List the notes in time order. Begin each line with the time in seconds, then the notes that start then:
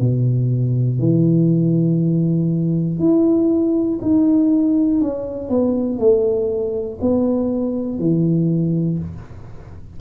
0.00 B2
0.99 E3
3.00 E4
4.02 D#4
5.01 C#4
5.50 B3
5.99 A3
7.01 B3
7.99 E3